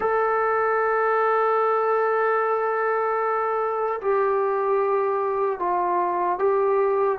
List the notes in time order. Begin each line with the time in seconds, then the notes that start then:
0.00 A4
4.01 G4
5.59 F4
6.38 G4